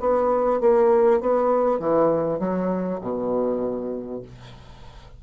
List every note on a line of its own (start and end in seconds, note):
0.00 0.60 B3
0.60 1.20 A#3
1.20 1.79 B3
1.79 2.39 E3
2.39 3.00 F#3
3.01 4.22 B2